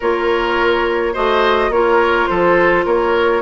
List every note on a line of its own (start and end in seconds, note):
0.00 1.16 A#3
0.00 1.14 F4
0.00 1.13 A#4
0.00 1.15 C#5
1.13 1.69 A3
1.13 1.71 F#4
1.13 1.70 C5
1.13 1.72 D#5
1.69 2.26 A#3
1.69 3.42 F4
1.69 2.29 A#4
1.69 2.27 C#5
2.27 2.85 F3
2.27 2.85 A4
2.27 2.84 C5
2.85 3.42 A#3
2.85 3.42 A#4
2.85 3.42 C#5